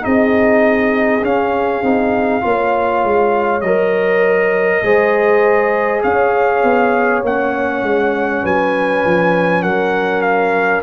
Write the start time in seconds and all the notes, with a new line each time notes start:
0.00 C4 D#4 G#4 D#5
1.22 C#4 F5
1.82 C4 D#4
2.41 A#3 F4 C#5
3.03 G#3
3.60 F#3 A#4 D#5
4.83 G#3 G#4 C5
6.03 C#4 C#5 F5
6.62 B3
7.22 A#3 C#4 F#5
7.82 G#3
8.43 F#3 B4 G#5
9.05 F3
9.62 F#3 A#4 F#5
10.21 F5